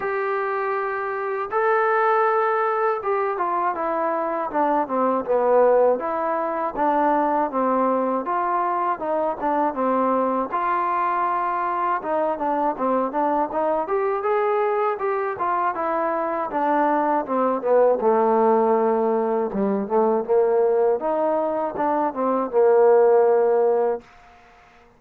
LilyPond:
\new Staff \with { instrumentName = "trombone" } { \time 4/4 \tempo 4 = 80 g'2 a'2 | g'8 f'8 e'4 d'8 c'8 b4 | e'4 d'4 c'4 f'4 | dis'8 d'8 c'4 f'2 |
dis'8 d'8 c'8 d'8 dis'8 g'8 gis'4 | g'8 f'8 e'4 d'4 c'8 b8 | a2 g8 a8 ais4 | dis'4 d'8 c'8 ais2 | }